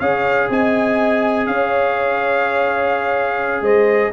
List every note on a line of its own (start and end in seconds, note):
0.00 0.49 C#4
0.00 4.13 G#4
0.00 0.48 C#5
0.00 0.48 F5
0.50 1.47 C4
0.50 1.48 D#5
0.50 1.47 G#5
1.47 3.62 C#4
1.47 3.63 C#5
1.47 3.64 F5
3.62 4.10 G#3
3.62 4.11 C5
3.62 4.13 D#5